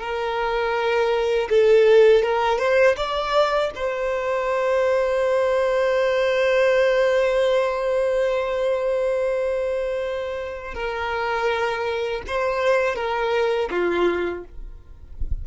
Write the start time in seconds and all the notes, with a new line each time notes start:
0.00 A#4
1.49 A4
2.22 A#4
2.58 C5
2.96 D5
3.75 C5
10.74 A#4
12.27 C5
12.95 A#4
13.70 F4